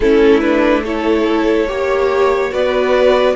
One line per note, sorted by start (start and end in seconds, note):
0.00 1.68 A3
0.00 0.42 C#4
0.00 0.84 E4
0.00 0.40 A4
0.40 0.84 D4
0.40 0.82 B4
0.84 1.67 E4
0.84 1.68 A4
0.84 2.53 C#5
1.67 2.53 A#3
1.67 2.51 G4
1.67 2.52 C#5
2.51 3.35 B3
2.51 3.35 F#4
2.51 3.35 B4
2.51 3.35 D5